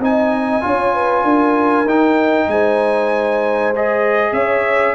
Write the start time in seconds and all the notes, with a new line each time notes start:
0.00 C4 D#4 D#5 G#5
0.61 C#4 F4 C#5
0.95 B4
1.24 D4 A#4
1.85 D#4 G5
2.48 G#3 C5 G#5
3.76 G#4 D#5
4.33 C#4 C#5 E5